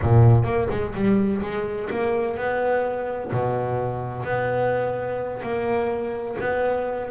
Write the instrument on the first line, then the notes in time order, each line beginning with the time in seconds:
double bass
0.02 A#2
0.44 A#3
0.70 G#3
0.94 G3
1.42 G#3
1.90 A#3
2.36 B3
3.31 B2
4.23 B3
5.42 A#3
6.40 B3